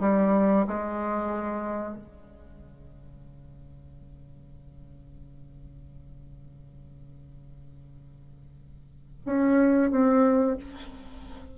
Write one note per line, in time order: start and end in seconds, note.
0.00 0.66 G3
0.67 1.96 G#3
1.96 9.21 C#3
9.26 9.91 C#4
9.91 10.56 C4